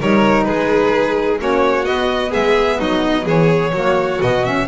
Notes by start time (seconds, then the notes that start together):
0.00 G3 D#4 A#4 C#5
0.44 G#3 G#4 B4
1.39 A#3 C#4 F#4 C#5
1.85 B3 D#5
2.30 G#3 G#4 E5
2.79 F#3 D#4 D#5
3.25 E3 G#4 C#5
3.73 F#3 A#3 F#4
4.20 B2 B3 D#5
4.45 C#4 E5